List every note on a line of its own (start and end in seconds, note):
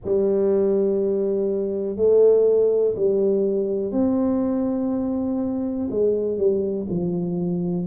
0.04 1.96 G3
1.96 2.95 A3
2.96 3.91 G3
3.91 5.88 C4
5.90 6.37 G#3
6.37 6.86 G3
6.89 7.86 F3